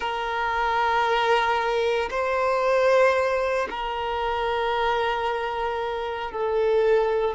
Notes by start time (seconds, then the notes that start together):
0.00 A#4
2.10 C5
3.69 A#4
6.31 A4